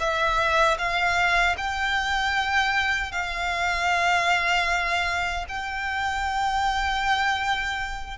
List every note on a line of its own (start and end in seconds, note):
0.00 0.78 E5
0.78 1.56 F5
1.58 3.12 G5
3.12 5.46 F5
5.49 8.18 G5